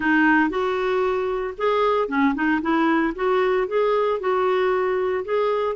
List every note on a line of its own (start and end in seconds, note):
0.00 0.49 D#4
0.49 1.54 F#4
1.57 2.08 G#4
2.08 2.34 C#4
2.34 2.60 D#4
2.61 3.13 E4
3.15 3.67 F#4
3.67 4.20 G#4
4.20 5.24 F#4
5.24 5.75 G#4